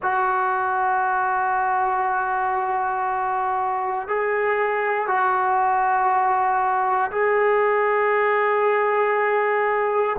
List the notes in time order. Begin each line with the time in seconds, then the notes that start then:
0.02 F#4
4.08 G#4
5.07 F#4
7.11 G#4